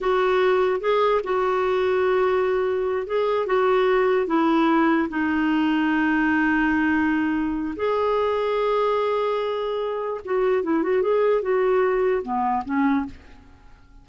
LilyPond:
\new Staff \with { instrumentName = "clarinet" } { \time 4/4 \tempo 4 = 147 fis'2 gis'4 fis'4~ | fis'2.~ fis'8 gis'8~ | gis'8 fis'2 e'4.~ | e'8 dis'2.~ dis'8~ |
dis'2. gis'4~ | gis'1~ | gis'4 fis'4 e'8 fis'8 gis'4 | fis'2 b4 cis'4 | }